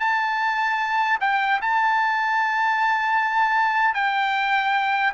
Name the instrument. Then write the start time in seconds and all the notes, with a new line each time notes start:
trumpet
0.00 A5
1.21 G5
1.61 A5
3.94 G5